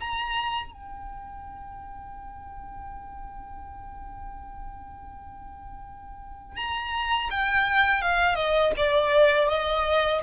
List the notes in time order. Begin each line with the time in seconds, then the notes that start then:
0.00 A#5
0.72 G5
6.56 A#5
7.30 G5
8.02 F5
8.35 D#5
8.77 D5
9.48 D#5